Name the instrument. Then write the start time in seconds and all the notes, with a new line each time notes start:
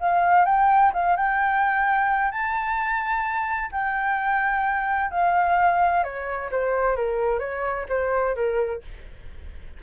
flute
0.00 F5
0.45 G5
0.93 F5
1.17 G5
2.31 A5
3.72 G5
5.11 F5
6.04 C#5
6.51 C5
6.96 A#4
7.40 C#5
7.89 C5
8.36 A#4